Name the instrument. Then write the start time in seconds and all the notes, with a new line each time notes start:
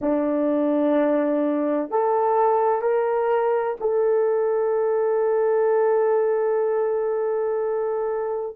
horn
0.01 D4
1.90 A4
2.81 A#4
3.80 A4